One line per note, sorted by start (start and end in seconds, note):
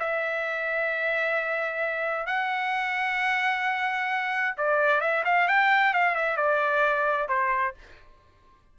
0.00 2.27 E5
2.27 4.56 F#5
4.57 5.01 D5
5.01 5.24 E5
5.25 5.48 F5
5.48 5.94 G5
5.94 6.15 F5
6.15 6.37 E5
6.37 7.29 D5
7.29 7.75 C5